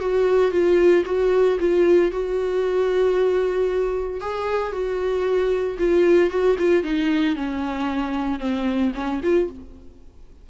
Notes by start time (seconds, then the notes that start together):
0.00 F#4
0.52 F4
1.06 F#4
1.60 F4
2.12 F#4
4.21 G#4
4.72 F#4
5.79 F4
6.30 F#4
6.59 F4
6.84 D#4
7.36 C#4
8.40 C4
8.95 C#4
9.23 F4